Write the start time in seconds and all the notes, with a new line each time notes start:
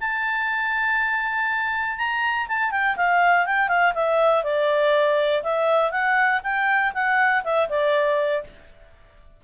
0.00 A5
1.98 A#5
2.48 A5
2.71 G5
2.96 F5
3.46 G5
3.69 F5
3.94 E5
4.43 D5
5.43 E5
5.91 F#5
6.43 G5
6.94 F#5
7.44 E5
7.69 D5